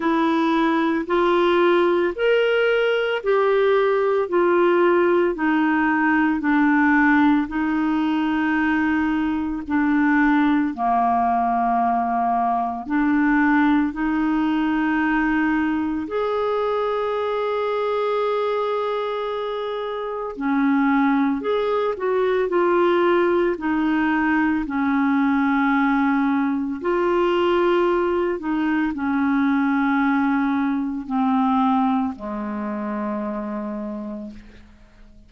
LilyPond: \new Staff \with { instrumentName = "clarinet" } { \time 4/4 \tempo 4 = 56 e'4 f'4 ais'4 g'4 | f'4 dis'4 d'4 dis'4~ | dis'4 d'4 ais2 | d'4 dis'2 gis'4~ |
gis'2. cis'4 | gis'8 fis'8 f'4 dis'4 cis'4~ | cis'4 f'4. dis'8 cis'4~ | cis'4 c'4 gis2 | }